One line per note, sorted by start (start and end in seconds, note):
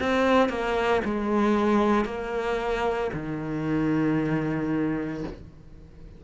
0.00 0.49 C4
0.49 1.01 A#3
1.05 2.05 G#3
2.05 3.11 A#3
3.13 5.24 D#3